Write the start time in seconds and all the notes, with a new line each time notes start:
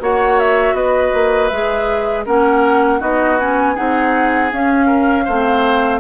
0.00 A#3 F#4 C#5 F#5
0.39 E5
0.73 B3 B4 D#5
1.13 A#3
1.48 G#3 G#4 E5
2.25 A#3 C#4 A#4 F#5
2.99 B3 D#4 F#4 D#5
3.39 C#4 G#5
3.74 C4 D#4 G#4 F#5
4.52 C#4 F5
4.86 A#4
5.25 A3 C4 C5